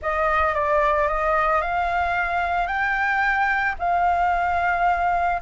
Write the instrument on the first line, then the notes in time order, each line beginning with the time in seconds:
flute
0.02 D#5
0.54 D5
1.07 D#5
1.61 F5
2.67 G5
3.78 F5